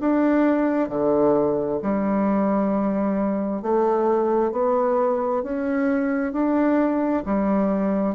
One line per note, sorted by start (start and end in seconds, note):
0.00 0.88 D4
0.88 1.79 D3
1.82 3.62 G3
3.62 4.52 A3
4.52 5.43 B3
5.43 6.32 C#4
6.32 7.23 D4
7.25 8.15 G3